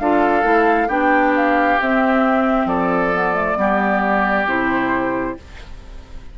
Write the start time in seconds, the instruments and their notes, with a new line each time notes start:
0.00 bassoon D4, clarinet F4, oboe A4, flute F5
0.43 bassoon A3, clarinet E4
0.88 bassoon B3, clarinet D4, oboe G4, flute G5
1.36 flute F5
1.81 bassoon C4, clarinet C4, flute E5
2.66 bassoon F3, oboe A4, flute D5
3.14 clarinet B3
3.35 clarinet A3
3.57 bassoon G3, clarinet B3, oboe G4
4.46 bassoon C3, clarinet E4, flute C5